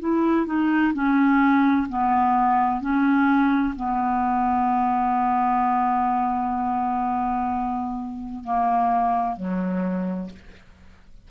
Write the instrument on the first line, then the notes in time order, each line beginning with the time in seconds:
clarinet
0.00 E4
0.46 D#4
0.94 C#4
1.89 B3
2.81 C#4
3.76 B3
8.44 A#3
9.37 F#3